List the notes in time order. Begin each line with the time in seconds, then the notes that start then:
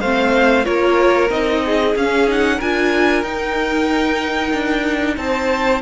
0.00 A3 C4 C5 F5
0.64 A#3 F4 A#4 C#5
1.30 C4 D#4 D#5
1.65 G#4
1.95 C#4 F5
2.27 D#4 F#5
2.57 D4 F4 A#4 G#5
3.23 D#4 G5
4.53 D4
5.17 C4 C5 A5